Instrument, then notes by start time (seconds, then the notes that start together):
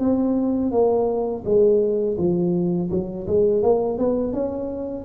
tuba
0.00 C4
0.72 A#3
1.45 G#3
2.18 F3
2.91 F#3
3.27 G#3
3.63 A#3
3.98 B3
4.33 C#4